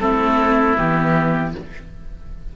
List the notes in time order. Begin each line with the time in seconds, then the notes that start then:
0.00 A3 C4 E4 A4
0.78 E3 B3 G4